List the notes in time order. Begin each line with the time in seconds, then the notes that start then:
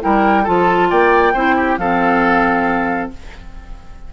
0.00 G3 E4 A#4 G5
0.43 F3 F4 A4 A5
0.90 A#3 D5 G5
1.33 C4 E4 C5
1.56 G4
1.78 F3 C4 A4 F5